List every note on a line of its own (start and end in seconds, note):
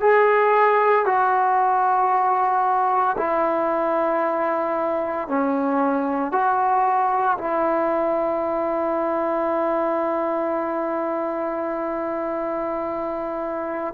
0.00 1.05 G#4
1.05 3.16 F#4
3.17 5.28 E4
5.28 6.32 C#4
6.32 7.37 F#4
7.38 13.94 E4